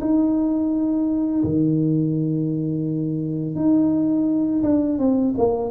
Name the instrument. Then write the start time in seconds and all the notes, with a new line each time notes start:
tuba
0.00 D#4
1.44 D#3
3.55 D#4
4.63 D4
4.98 C4
5.38 A#3